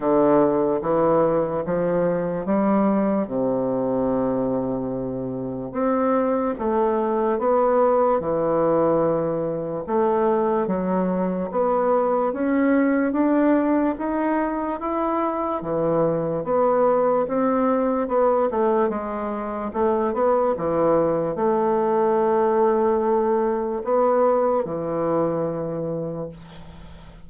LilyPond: \new Staff \with { instrumentName = "bassoon" } { \time 4/4 \tempo 4 = 73 d4 e4 f4 g4 | c2. c'4 | a4 b4 e2 | a4 fis4 b4 cis'4 |
d'4 dis'4 e'4 e4 | b4 c'4 b8 a8 gis4 | a8 b8 e4 a2~ | a4 b4 e2 | }